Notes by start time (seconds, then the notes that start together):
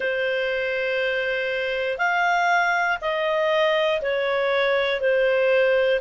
0.00 C5
1.97 F5
3.01 D#5
4.01 C#5
5.00 C5